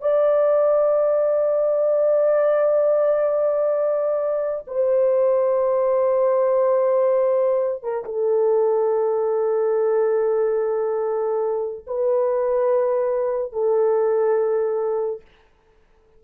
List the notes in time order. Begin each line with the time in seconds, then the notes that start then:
0.00 D5
4.67 C5
7.83 A#4
8.04 A4
11.87 B4
13.52 A4